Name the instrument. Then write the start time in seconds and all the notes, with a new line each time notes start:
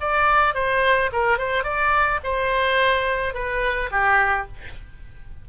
oboe
0.00 D5
0.54 C5
1.12 A#4
1.38 C5
1.63 D5
2.23 C5
3.34 B4
3.91 G4